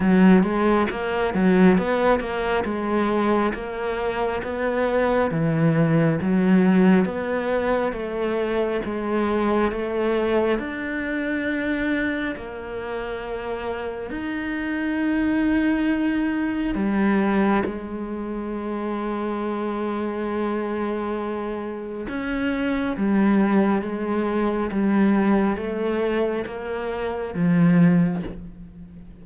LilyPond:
\new Staff \with { instrumentName = "cello" } { \time 4/4 \tempo 4 = 68 fis8 gis8 ais8 fis8 b8 ais8 gis4 | ais4 b4 e4 fis4 | b4 a4 gis4 a4 | d'2 ais2 |
dis'2. g4 | gis1~ | gis4 cis'4 g4 gis4 | g4 a4 ais4 f4 | }